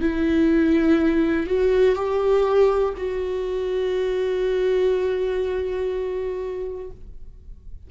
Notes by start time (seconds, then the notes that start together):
0.00 E4
1.46 F#4
1.95 G4
2.97 F#4